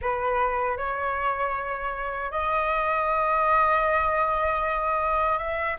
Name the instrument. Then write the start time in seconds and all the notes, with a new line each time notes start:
flute
0.01 B4
0.77 C#5
2.31 D#5
5.38 E5